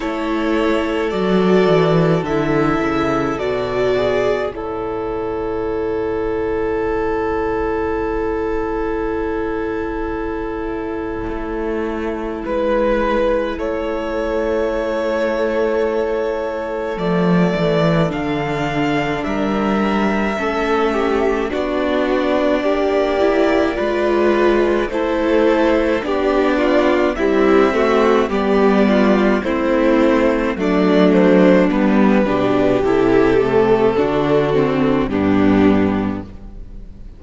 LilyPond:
<<
  \new Staff \with { instrumentName = "violin" } { \time 4/4 \tempo 4 = 53 cis''4 d''4 e''4 d''4 | cis''1~ | cis''2. b'4 | cis''2. d''4 |
f''4 e''2 d''4~ | d''2 c''4 d''4 | e''4 d''4 c''4 d''8 c''8 | b'4 a'2 g'4 | }
  \new Staff \with { instrumentName = "violin" } { \time 4/4 a'2.~ a'8 gis'8 | a'1~ | a'2. b'4 | a'1~ |
a'4 ais'4 a'8 g'8 fis'4 | g'4 b'4 a'4 g'8 f'8 | e'8 fis'8 g'8 f'8 e'4 d'4~ | d'8 g'4. fis'4 d'4 | }
  \new Staff \with { instrumentName = "viola" } { \time 4/4 e'4 fis'4 e'4 fis'4 | e'1~ | e'1~ | e'2. a4 |
d'2 cis'4 d'4~ | d'8 e'8 f'4 e'4 d'4 | g8 a8 b4 c'4 a4 | b8 d'8 e'8 a8 d'8 c'8 b4 | }
  \new Staff \with { instrumentName = "cello" } { \time 4/4 a4 fis8 e8 d8 cis8 b,4 | a,1~ | a,2 a4 gis4 | a2. f8 e8 |
d4 g4 a4 b4 | ais4 gis4 a4 b4 | c'4 g4 a4 fis4 | g8 b,8 c4 d4 g,4 | }
>>